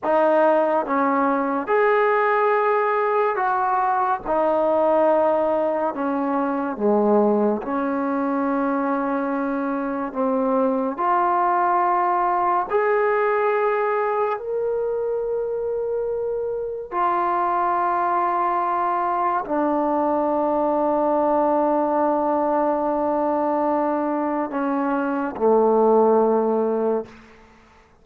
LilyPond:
\new Staff \with { instrumentName = "trombone" } { \time 4/4 \tempo 4 = 71 dis'4 cis'4 gis'2 | fis'4 dis'2 cis'4 | gis4 cis'2. | c'4 f'2 gis'4~ |
gis'4 ais'2. | f'2. d'4~ | d'1~ | d'4 cis'4 a2 | }